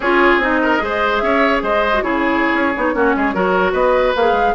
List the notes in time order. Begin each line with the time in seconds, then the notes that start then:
0.00 C#4 F4 G#4 C#5
0.37 C4 D#4 D#5
0.62 A#4
0.78 G#3 G#4 C5
1.17 C#4 C#5 E5
1.62 G#3 C5 D#5
1.93 F#4
2.02 C#3 E4 G#4 C#5
2.53 C#4
2.76 B3 D#4
2.93 A#3 C#4 F#4
3.16 G#3 G#4
3.33 F#3 F#4 A#4
3.72 B3 B4 D#5
4.15 A#3 G#4 F5
4.31 G#3